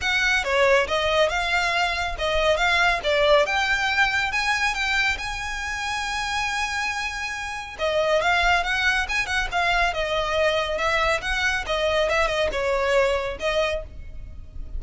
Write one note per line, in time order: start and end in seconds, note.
0.01 0.44 F#5
0.44 0.87 C#5
0.87 1.29 D#5
1.29 2.15 F5
2.18 2.57 D#5
2.57 3.00 F5
3.03 3.46 D5
3.46 4.32 G5
4.32 4.74 G#5
4.74 5.17 G5
5.17 7.76 G#5
7.78 8.21 D#5
8.21 8.63 F5
8.63 9.06 F#5
9.08 9.26 G#5
9.26 9.47 F#5
9.51 9.93 F5
9.93 10.77 D#5
10.77 11.21 E5
11.21 11.64 F#5
11.66 12.09 D#5
12.09 12.27 E5
12.27 12.48 D#5
12.51 13.38 C#5
13.39 13.82 D#5